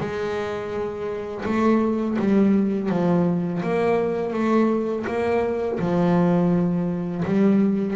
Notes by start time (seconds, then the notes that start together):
0.00 G#3
1.45 A3
2.19 G3
2.89 F3
3.63 A#3
4.33 A3
5.06 A#3
5.79 F3
7.25 G3